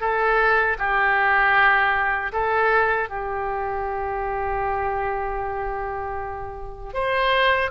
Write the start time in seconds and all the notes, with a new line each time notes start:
0.00 A4
0.78 G4
2.32 A4
3.09 G4
6.93 C5